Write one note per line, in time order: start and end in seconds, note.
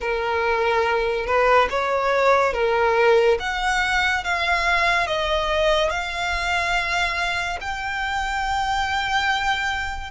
0.00 1.26 A#4
1.26 1.68 B4
1.69 2.53 C#5
2.53 3.38 A#4
3.39 4.24 F#5
4.24 5.06 F5
5.06 5.89 D#5
5.89 7.58 F5
7.60 10.10 G5